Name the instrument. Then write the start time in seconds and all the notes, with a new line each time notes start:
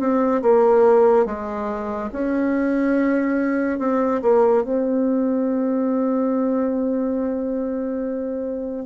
bassoon
0.00 C4
0.43 A#3
1.26 G#3
2.13 C#4
3.80 C4
4.23 A#3
4.64 C4